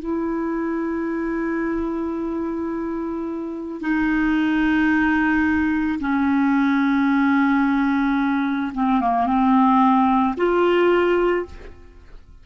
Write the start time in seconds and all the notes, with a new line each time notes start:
0.00 E4
3.81 D#4
6.00 C#4
8.74 C4
9.01 A#3
9.26 C4
10.37 F4